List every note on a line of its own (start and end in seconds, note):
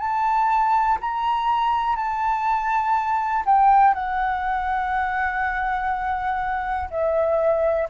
0.00 0.98 A5
1.01 1.96 A#5
1.96 3.44 A5
3.46 3.94 G5
3.94 6.89 F#5
6.91 7.89 E5